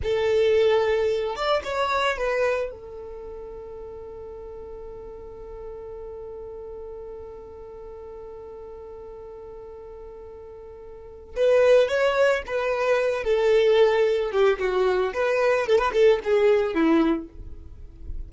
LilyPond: \new Staff \with { instrumentName = "violin" } { \time 4/4 \tempo 4 = 111 a'2~ a'8 d''8 cis''4 | b'4 a'2.~ | a'1~ | a'1~ |
a'1~ | a'4 b'4 cis''4 b'4~ | b'8 a'2 g'8 fis'4 | b'4 a'16 b'16 a'8 gis'4 e'4 | }